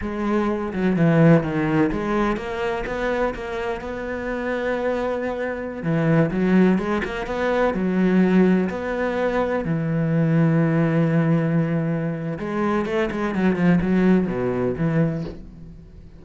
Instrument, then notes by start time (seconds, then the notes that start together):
cello
0.01 G#3
0.73 F#3
0.96 E3
1.43 D#3
1.92 G#3
2.36 A#3
2.86 B3
3.34 A#3
3.80 B3
5.82 E3
6.30 F#3
6.78 G#3
7.04 A#3
7.26 B3
7.73 F#3
8.69 B3
9.64 E3
12.39 G#3
12.85 A3
13.11 G#3
13.34 F#3
13.55 F3
13.81 F#3
14.27 B2
14.76 E3